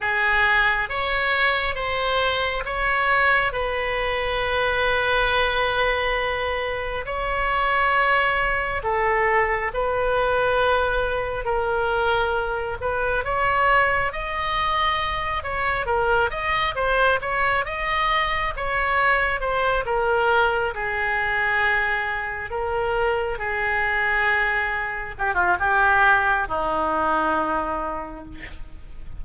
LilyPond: \new Staff \with { instrumentName = "oboe" } { \time 4/4 \tempo 4 = 68 gis'4 cis''4 c''4 cis''4 | b'1 | cis''2 a'4 b'4~ | b'4 ais'4. b'8 cis''4 |
dis''4. cis''8 ais'8 dis''8 c''8 cis''8 | dis''4 cis''4 c''8 ais'4 gis'8~ | gis'4. ais'4 gis'4.~ | gis'8 g'16 f'16 g'4 dis'2 | }